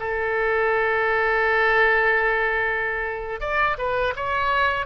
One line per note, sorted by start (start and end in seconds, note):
0.00 3.41 A4
3.41 3.77 D5
3.78 4.14 B4
4.16 4.86 C#5